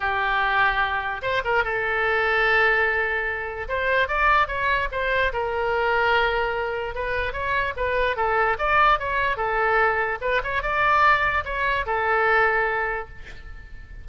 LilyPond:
\new Staff \with { instrumentName = "oboe" } { \time 4/4 \tempo 4 = 147 g'2. c''8 ais'8 | a'1~ | a'4 c''4 d''4 cis''4 | c''4 ais'2.~ |
ais'4 b'4 cis''4 b'4 | a'4 d''4 cis''4 a'4~ | a'4 b'8 cis''8 d''2 | cis''4 a'2. | }